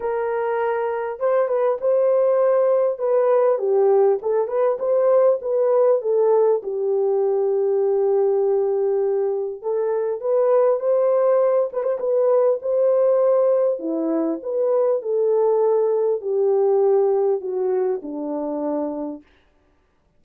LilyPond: \new Staff \with { instrumentName = "horn" } { \time 4/4 \tempo 4 = 100 ais'2 c''8 b'8 c''4~ | c''4 b'4 g'4 a'8 b'8 | c''4 b'4 a'4 g'4~ | g'1 |
a'4 b'4 c''4. b'16 c''16 | b'4 c''2 e'4 | b'4 a'2 g'4~ | g'4 fis'4 d'2 | }